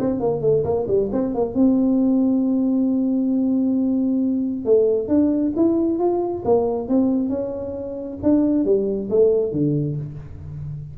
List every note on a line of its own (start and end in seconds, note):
0.00 0.21 C4
0.21 0.42 A#3
0.42 0.64 A3
0.64 0.87 A#3
0.88 1.10 G3
1.13 1.35 C4
1.35 1.55 A#3
1.55 4.66 C4
4.66 5.08 A3
5.08 5.53 D4
5.56 5.99 E4
5.99 6.43 F4
6.45 6.89 A#3
6.89 7.29 C4
7.29 8.18 C#4
8.23 8.65 D4
8.65 9.09 G3
9.11 9.52 A3
9.52 9.97 D3